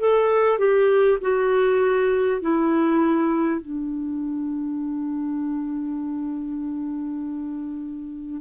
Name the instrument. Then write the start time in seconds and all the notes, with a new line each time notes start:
clarinet
0.00 A4
0.58 G4
1.21 F#4
2.41 E4
3.61 D4